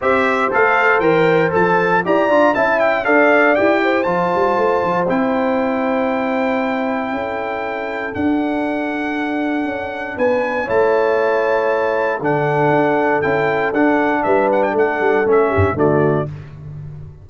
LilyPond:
<<
  \new Staff \with { instrumentName = "trumpet" } { \time 4/4 \tempo 4 = 118 e''4 f''4 g''4 a''4 | ais''4 a''8 g''8 f''4 g''4 | a''2 g''2~ | g''1 |
fis''1 | gis''4 a''2. | fis''2 g''4 fis''4 | e''8 fis''16 g''16 fis''4 e''4 d''4 | }
  \new Staff \with { instrumentName = "horn" } { \time 4/4 c''1 | d''4 e''4 d''4. c''8~ | c''1~ | c''2 a'2~ |
a'1 | b'4 cis''2. | a'1 | b'4 a'4. g'8 fis'4 | }
  \new Staff \with { instrumentName = "trombone" } { \time 4/4 g'4 a'4 ais'4 a'4 | g'8 f'8 e'4 a'4 g'4 | f'2 e'2~ | e'1 |
d'1~ | d'4 e'2. | d'2 e'4 d'4~ | d'2 cis'4 a4 | }
  \new Staff \with { instrumentName = "tuba" } { \time 4/4 c'4 a4 e4 f4 | e'8 d'8 cis'4 d'4 e'4 | f8 g8 a8 f8 c'2~ | c'2 cis'2 |
d'2. cis'4 | b4 a2. | d4 d'4 cis'4 d'4 | g4 a8 g8 a8 g,8 d4 | }
>>